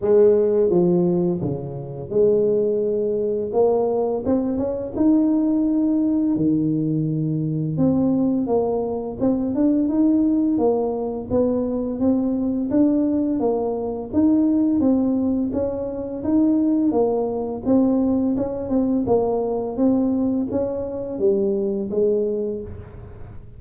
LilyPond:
\new Staff \with { instrumentName = "tuba" } { \time 4/4 \tempo 4 = 85 gis4 f4 cis4 gis4~ | gis4 ais4 c'8 cis'8 dis'4~ | dis'4 dis2 c'4 | ais4 c'8 d'8 dis'4 ais4 |
b4 c'4 d'4 ais4 | dis'4 c'4 cis'4 dis'4 | ais4 c'4 cis'8 c'8 ais4 | c'4 cis'4 g4 gis4 | }